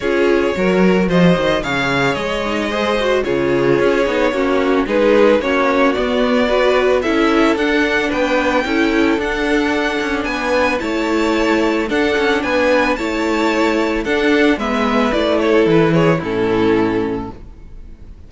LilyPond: <<
  \new Staff \with { instrumentName = "violin" } { \time 4/4 \tempo 4 = 111 cis''2 dis''4 f''4 | dis''2 cis''2~ | cis''4 b'4 cis''4 d''4~ | d''4 e''4 fis''4 g''4~ |
g''4 fis''2 gis''4 | a''2 fis''4 gis''4 | a''2 fis''4 e''4 | d''8 cis''8 b'8 cis''8 a'2 | }
  \new Staff \with { instrumentName = "violin" } { \time 4/4 gis'4 ais'4 c''4 cis''4~ | cis''4 c''4 gis'2 | fis'4 gis'4 fis'2 | b'4 a'2 b'4 |
a'2. b'4 | cis''2 a'4 b'4 | cis''2 a'4 b'4~ | b'8 a'4 gis'8 e'2 | }
  \new Staff \with { instrumentName = "viola" } { \time 4/4 f'4 fis'2 gis'4~ | gis'8 dis'8 gis'8 fis'8 f'4. dis'8 | cis'4 dis'4 cis'4 b4 | fis'4 e'4 d'2 |
e'4 d'2. | e'2 d'2 | e'2 d'4 b4 | e'2 cis'2 | }
  \new Staff \with { instrumentName = "cello" } { \time 4/4 cis'4 fis4 f8 dis8 cis4 | gis2 cis4 cis'8 b8 | ais4 gis4 ais4 b4~ | b4 cis'4 d'4 b4 |
cis'4 d'4. cis'8 b4 | a2 d'8 cis'8 b4 | a2 d'4 gis4 | a4 e4 a,2 | }
>>